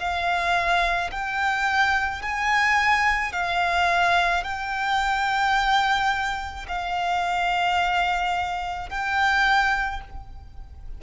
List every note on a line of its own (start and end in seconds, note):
0.00 1.11 F5
1.12 2.23 G5
2.23 3.33 G#5
3.33 4.44 F5
4.44 6.67 G5
6.69 8.90 F5
8.90 10.01 G5